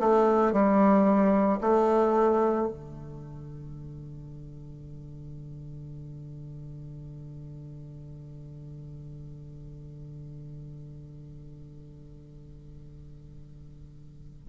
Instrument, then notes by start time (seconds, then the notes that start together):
bassoon
0.00 A3
0.53 G3
1.61 A3
2.68 D3